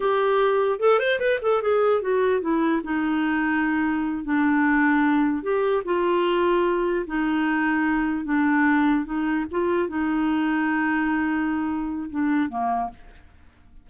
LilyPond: \new Staff \with { instrumentName = "clarinet" } { \time 4/4 \tempo 4 = 149 g'2 a'8 c''8 b'8 a'8 | gis'4 fis'4 e'4 dis'4~ | dis'2~ dis'8 d'4.~ | d'4. g'4 f'4.~ |
f'4. dis'2~ dis'8~ | dis'8 d'2 dis'4 f'8~ | f'8 dis'2.~ dis'8~ | dis'2 d'4 ais4 | }